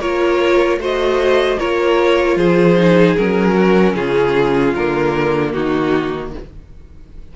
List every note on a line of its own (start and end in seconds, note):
0.00 0.78 A#3
0.00 0.79 F4
0.00 0.79 A#4
0.00 0.79 C#5
0.78 1.57 A3
0.78 1.58 F#4
0.78 1.59 C5
0.84 1.59 D#5
1.59 2.36 A#3
1.59 2.77 F4
1.59 2.37 A#4
1.59 2.37 C#5
2.36 3.15 F3
2.36 3.53 G#4
2.36 3.16 C5
2.77 3.16 D#4
3.17 3.94 F#3
3.17 4.75 C#4
3.17 3.95 A#4
3.53 3.93 F#4
3.94 4.73 C#3
3.94 5.53 F4
3.94 4.74 G#4
4.75 5.54 D3
4.75 6.36 A#3
4.75 5.53 A#4
5.53 6.34 D#3
5.53 6.33 D#4
5.53 6.32 F#4